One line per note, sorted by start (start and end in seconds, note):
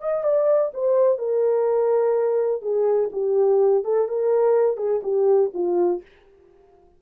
0.00 0.24 D#5
0.24 0.72 D5
0.74 1.18 C5
1.18 2.62 A#4
2.62 3.10 G#4
3.12 3.84 G4
3.84 4.08 A4
4.08 4.77 A#4
4.77 5.01 G#4
5.03 5.51 G4
5.54 6.02 F4